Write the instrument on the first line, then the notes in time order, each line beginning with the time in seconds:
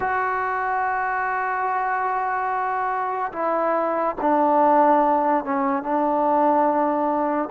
trombone
0.00 F#4
3.32 E4
4.21 D4
5.44 C#4
5.82 D4